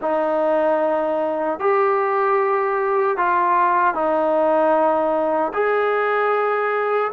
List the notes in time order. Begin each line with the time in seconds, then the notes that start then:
0.01 D#4
1.59 G4
3.17 F4
3.94 D#4
5.53 G#4